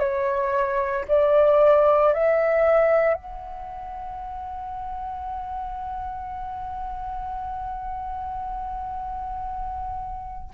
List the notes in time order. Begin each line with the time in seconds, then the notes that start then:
0.00 C#5
1.09 D5
2.14 E5
3.14 F#5